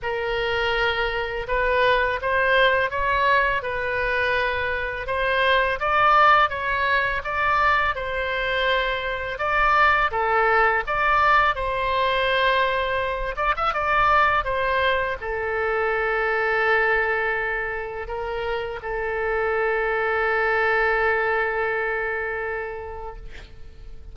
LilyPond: \new Staff \with { instrumentName = "oboe" } { \time 4/4 \tempo 4 = 83 ais'2 b'4 c''4 | cis''4 b'2 c''4 | d''4 cis''4 d''4 c''4~ | c''4 d''4 a'4 d''4 |
c''2~ c''8 d''16 e''16 d''4 | c''4 a'2.~ | a'4 ais'4 a'2~ | a'1 | }